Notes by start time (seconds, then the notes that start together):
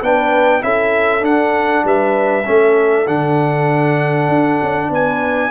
0.00 B3 D4 B4 G5
0.61 C#4 E4 A4 E5
1.21 D4 F#5
1.84 G3 B4 E5
2.45 A3 C#4 A4
3.07 D3 D4 F#5
4.29 D4
4.62 C#4
4.77 D4
4.90 B3 B4 G#5